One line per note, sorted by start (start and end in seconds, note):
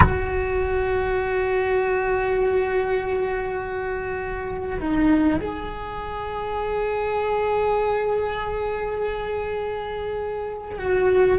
0.00 4.79 F#4
4.79 5.39 D#4
5.40 10.78 G#4
10.78 11.38 F#4